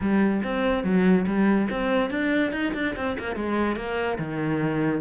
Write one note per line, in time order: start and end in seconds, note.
0.00 0.42 G3
0.43 0.83 C4
0.83 1.25 F#3
1.26 1.68 G3
1.69 2.10 C4
2.10 2.52 D4
2.52 2.73 D#4
2.74 2.95 D4
2.96 3.17 C4
3.18 3.35 A#3
3.35 3.76 G#3
3.76 4.18 A#3
4.18 5.01 D#3